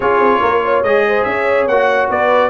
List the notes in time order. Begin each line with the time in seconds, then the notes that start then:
0.00 C#4 F4 G#4 C#5
0.19 C4
0.40 A#3 A#4
0.64 C#5
0.82 G#3 G#4 D#5
1.07 C5
1.23 C#4 C#5 E5
1.66 A#3 F#4 F#5
2.10 B3 B4 D5